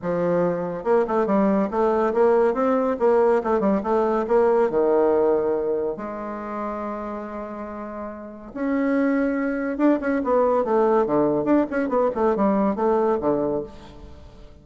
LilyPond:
\new Staff \with { instrumentName = "bassoon" } { \time 4/4 \tempo 4 = 141 f2 ais8 a8 g4 | a4 ais4 c'4 ais4 | a8 g8 a4 ais4 dis4~ | dis2 gis2~ |
gis1 | cis'2. d'8 cis'8 | b4 a4 d4 d'8 cis'8 | b8 a8 g4 a4 d4 | }